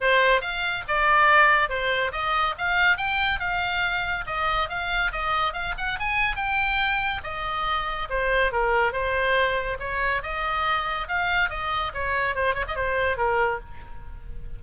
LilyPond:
\new Staff \with { instrumentName = "oboe" } { \time 4/4 \tempo 4 = 141 c''4 f''4 d''2 | c''4 dis''4 f''4 g''4 | f''2 dis''4 f''4 | dis''4 f''8 fis''8 gis''4 g''4~ |
g''4 dis''2 c''4 | ais'4 c''2 cis''4 | dis''2 f''4 dis''4 | cis''4 c''8 cis''16 dis''16 c''4 ais'4 | }